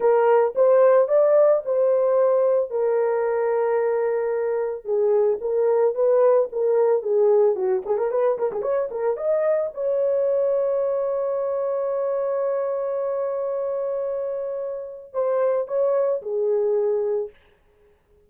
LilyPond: \new Staff \with { instrumentName = "horn" } { \time 4/4 \tempo 4 = 111 ais'4 c''4 d''4 c''4~ | c''4 ais'2.~ | ais'4 gis'4 ais'4 b'4 | ais'4 gis'4 fis'8 gis'16 ais'16 b'8 ais'16 gis'16 |
cis''8 ais'8 dis''4 cis''2~ | cis''1~ | cis''1 | c''4 cis''4 gis'2 | }